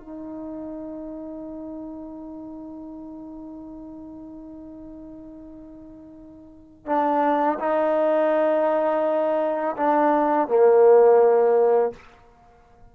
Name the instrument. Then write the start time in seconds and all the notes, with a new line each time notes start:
trombone
0.00 D#4
6.86 D4
7.59 D#4
9.77 D4
10.48 A#3